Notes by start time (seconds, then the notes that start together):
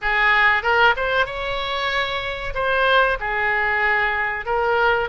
0.01 G#4
0.62 A#4
0.96 C5
1.26 C#5
2.54 C5
3.20 G#4
4.45 A#4